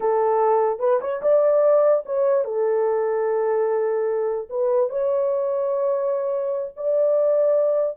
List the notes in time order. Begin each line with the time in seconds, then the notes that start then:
0.00 A4
0.79 B4
1.01 C#5
1.22 D5
2.05 C#5
2.44 A4
4.49 B4
4.89 C#5
6.76 D5